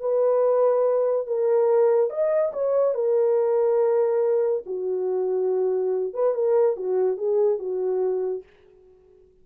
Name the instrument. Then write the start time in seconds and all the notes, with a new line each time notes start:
horn
0.00 B4
1.27 A#4
2.10 D#5
2.53 C#5
2.94 A#4
4.66 F#4
6.13 B4
6.34 A#4
6.77 F#4
7.17 G#4
7.59 F#4